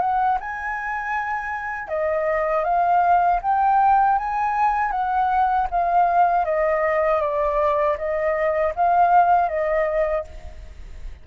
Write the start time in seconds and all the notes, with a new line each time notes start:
0.00 F#5
0.40 G#5
1.88 D#5
2.64 F5
3.42 G5
4.18 G#5
4.91 F#5
5.71 F5
6.45 D#5
7.21 D5
7.97 D#5
8.75 F5
9.48 D#5